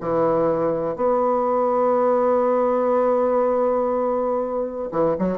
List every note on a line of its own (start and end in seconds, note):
0.00 0.96 E3
0.96 4.89 B3
4.91 5.16 E3
5.18 5.38 F#3